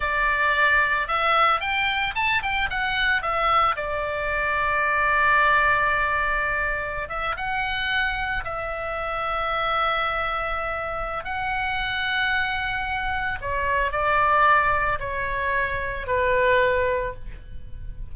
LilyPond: \new Staff \with { instrumentName = "oboe" } { \time 4/4 \tempo 4 = 112 d''2 e''4 g''4 | a''8 g''8 fis''4 e''4 d''4~ | d''1~ | d''4~ d''16 e''8 fis''2 e''16~ |
e''1~ | e''4 fis''2.~ | fis''4 cis''4 d''2 | cis''2 b'2 | }